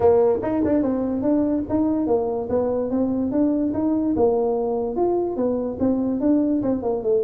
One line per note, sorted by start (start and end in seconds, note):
0.00 0.39 A#3
0.42 0.63 D#4
0.65 0.82 D4
0.82 1.22 C4
1.22 1.63 D4
1.69 2.07 D#4
2.07 2.48 A#3
2.49 2.90 B3
2.90 3.31 C4
3.31 3.72 D4
3.73 4.15 D#4
4.16 4.96 A#3
4.96 5.36 F4
5.36 5.77 B3
5.79 6.20 C4
6.20 6.62 D4
6.62 6.82 C4
6.82 7.03 A#3
7.03 7.23 A3